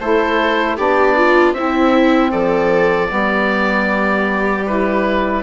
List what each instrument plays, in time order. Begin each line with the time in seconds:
0.00 bassoon A3, saxophone E4, viola A4, oboe C5
0.77 bassoon B3, saxophone D4, viola G4, oboe D5
1.17 viola F4
1.53 bassoon C4, saxophone C4, viola E4, oboe E5
2.31 bassoon F3, viola A4, oboe D5
3.08 bassoon G3, saxophone B3, viola G4
4.66 saxophone E4, oboe B4